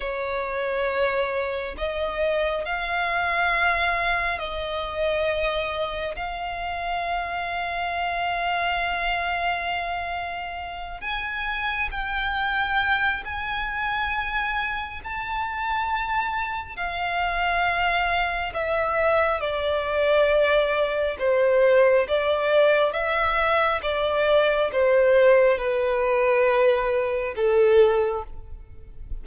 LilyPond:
\new Staff \with { instrumentName = "violin" } { \time 4/4 \tempo 4 = 68 cis''2 dis''4 f''4~ | f''4 dis''2 f''4~ | f''1~ | f''8 gis''4 g''4. gis''4~ |
gis''4 a''2 f''4~ | f''4 e''4 d''2 | c''4 d''4 e''4 d''4 | c''4 b'2 a'4 | }